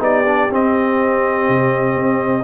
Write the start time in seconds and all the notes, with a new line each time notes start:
0.00 B3 D#4 G4 D5
0.25 D4
0.51 C4 D#5
1.48 C3
1.96 C4